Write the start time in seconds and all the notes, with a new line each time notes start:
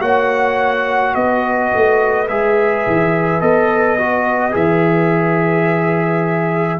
0.00 A#3 F#4 C#5 F#5
1.14 B3 B4 D#5
1.74 A3
2.28 G#3 G#4 E5
2.87 E3
3.41 B3 A4 D#5
3.98 F#4
4.51 E3 G#4 E5